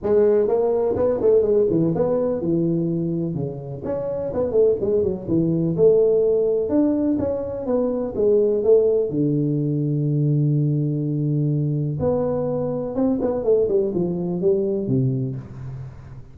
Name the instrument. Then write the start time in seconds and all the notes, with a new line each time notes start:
tuba
0.02 G#3
0.47 A#3
0.96 B3
1.21 A3
1.42 G#3
1.70 E3
1.95 B3
2.41 E3
3.34 C#3
3.84 C#4
4.33 B3
4.51 A3
4.80 G#3
5.02 F#3
5.28 E3
5.76 A3
6.69 D4
7.18 C#4
7.66 B3
8.15 G#3
8.63 A3
9.10 D3
11.99 B3
12.95 C4
13.21 B3
13.44 A3
13.68 G3
13.94 F3
14.41 G3
14.87 C3